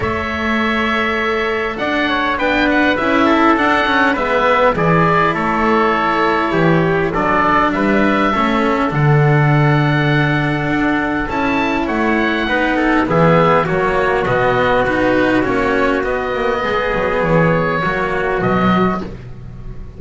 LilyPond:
<<
  \new Staff \with { instrumentName = "oboe" } { \time 4/4 \tempo 4 = 101 e''2. fis''4 | g''8 fis''8 e''4 fis''4 e''4 | d''4 cis''2. | d''4 e''2 fis''4~ |
fis''2. a''4 | fis''2 e''4 cis''4 | dis''4 b'4 cis''4 dis''4~ | dis''4 cis''2 dis''4 | }
  \new Staff \with { instrumentName = "trumpet" } { \time 4/4 cis''2. d''8 cis''8 | b'4. a'4. b'4 | gis'4 a'2 g'4 | a'4 b'4 a'2~ |
a'1 | cis''4 b'8 a'8 gis'4 fis'4~ | fis'1 | gis'2 fis'2 | }
  \new Staff \with { instrumentName = "cello" } { \time 4/4 a'1 | d'4 e'4 d'8 cis'8 b4 | e'1 | d'2 cis'4 d'4~ |
d'2. e'4~ | e'4 dis'4 b4 ais4 | b4 dis'4 cis'4 b4~ | b2 ais4 fis4 | }
  \new Staff \with { instrumentName = "double bass" } { \time 4/4 a2. d'4 | b4 cis'4 d'4 gis4 | e4 a2 e4 | fis4 g4 a4 d4~ |
d2 d'4 cis'4 | a4 b4 e4 fis4 | b,4 b4 ais4 b8 ais8 | gis8 fis8 e4 fis4 b,4 | }
>>